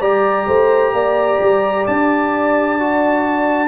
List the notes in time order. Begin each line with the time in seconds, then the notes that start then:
0.00 G3 G4 D5 A#5
0.47 A3 C5
0.93 A#3 D5
1.40 G3
1.87 D4 A5
2.79 F#4